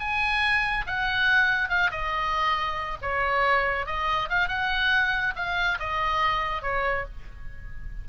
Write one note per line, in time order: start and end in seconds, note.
0.00 0.86 G#5
0.87 1.69 F#5
1.69 1.91 F5
1.91 2.98 D#5
3.02 3.86 C#5
3.86 4.29 D#5
4.30 4.48 F5
4.48 5.34 F#5
5.36 5.79 F5
5.80 6.62 D#5
6.62 7.05 C#5